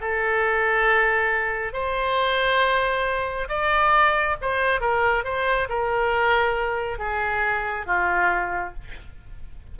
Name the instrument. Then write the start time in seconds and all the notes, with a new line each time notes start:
oboe
0.00 A4
1.73 C5
3.48 D5
4.41 C5
4.80 A#4
5.24 C5
5.69 A#4
6.98 G#4
7.86 F4